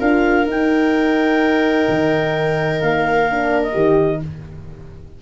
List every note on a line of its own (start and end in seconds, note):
0.00 0.47 D4
0.00 0.48 F4
0.00 4.22 A#4
0.00 0.47 F5
0.47 1.88 D#4
0.47 3.30 D#4
0.47 2.81 G5
1.89 2.83 D#3
2.81 3.75 A#3
2.81 3.63 F5
3.31 3.73 D4
3.63 4.22 D#5
3.73 4.22 D#3
3.73 4.20 G4